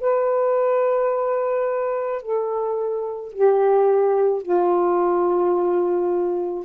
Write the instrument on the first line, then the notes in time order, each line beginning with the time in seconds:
saxophone
0.00 B4
2.22 A4
3.33 G4
4.42 F4